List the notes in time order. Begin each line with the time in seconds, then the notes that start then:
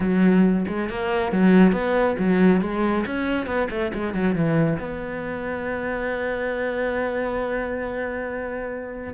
0.00 F#3
0.67 G#3
0.89 A#3
1.31 F#3
1.72 B3
2.19 F#3
2.61 G#3
3.06 C#4
3.46 B3
3.70 A3
3.93 G#3
4.14 F#3
4.35 E3
4.79 B3